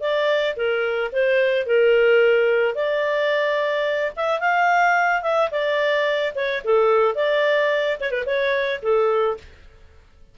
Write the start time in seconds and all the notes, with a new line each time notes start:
0.00 D5
0.56 A#4
1.12 C5
1.66 A#4
2.75 D5
4.16 E5
4.40 F5
5.22 E5
5.51 D5
6.35 C#5
6.64 A4
7.15 D5
8.00 C#5
8.10 B4
8.25 C#5
8.82 A4